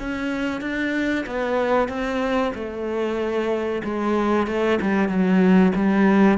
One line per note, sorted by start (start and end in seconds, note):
0.00 0.62 C#4
0.62 1.25 D4
1.27 1.89 B3
1.89 2.53 C4
2.55 3.83 A3
3.84 4.47 G#3
4.47 4.79 A3
4.82 5.09 G3
5.09 5.73 F#3
5.76 6.39 G3